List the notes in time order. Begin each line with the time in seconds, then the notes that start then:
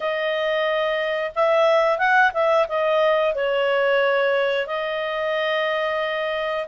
0.00 D#5
1.35 E5
1.98 F#5
2.33 E5
2.68 D#5
3.35 C#5
4.67 D#5